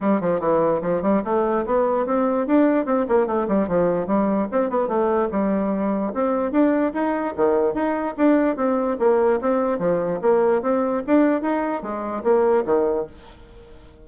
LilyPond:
\new Staff \with { instrumentName = "bassoon" } { \time 4/4 \tempo 4 = 147 g8 f8 e4 f8 g8 a4 | b4 c'4 d'4 c'8 ais8 | a8 g8 f4 g4 c'8 b8 | a4 g2 c'4 |
d'4 dis'4 dis4 dis'4 | d'4 c'4 ais4 c'4 | f4 ais4 c'4 d'4 | dis'4 gis4 ais4 dis4 | }